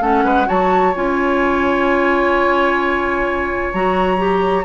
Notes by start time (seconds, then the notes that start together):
0.00 A3 C#4 A4 F#5
0.24 G#3 B4
0.46 F#3 F#4 C#5 A5
0.95 C#4 F4 G#5
3.73 F#3 F#4 A#5
4.17 G4